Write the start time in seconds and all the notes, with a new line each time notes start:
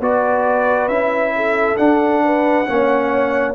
0.00 B3 F#4 B4 D5
0.88 C#4 E4 E5
1.35 A4
1.77 D4 F#5
2.24 B4
2.66 A#3 C#4 C#5